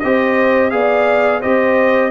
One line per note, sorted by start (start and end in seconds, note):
0.00 0.73 C4
0.00 0.72 G4
0.00 0.74 C5
0.00 0.71 D#5
0.71 1.44 B3
0.71 1.42 G#4
0.71 1.41 D5
0.71 1.41 F5
1.41 2.11 C4
1.41 2.11 G4
1.41 2.11 C5
1.41 2.11 D#5